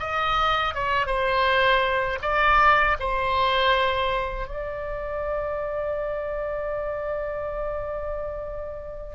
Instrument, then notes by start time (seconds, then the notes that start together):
oboe
0.00 D#5
0.75 C#5
1.07 C5
2.22 D5
3.00 C5
4.48 D5